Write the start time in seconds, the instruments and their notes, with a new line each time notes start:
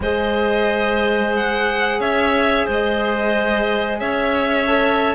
0.00 cello G#3, horn G#4, clarinet C5, violin D#5
1.35 violin F#5
1.99 cello C#4, clarinet C#5, violin E5
2.65 cello G#3, clarinet C5, violin D#5
3.99 cello C#4, clarinet C#5, violin E5
4.67 horn A4